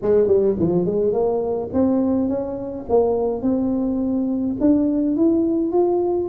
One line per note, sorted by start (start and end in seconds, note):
0.02 0.27 G#3
0.27 0.56 G3
0.59 0.85 F3
0.85 1.12 G#3
1.12 1.69 A#3
1.73 2.28 C4
2.28 2.85 C#4
2.89 3.42 A#3
3.42 4.56 C4
4.60 5.16 D4
5.16 5.72 E4
5.72 6.29 F4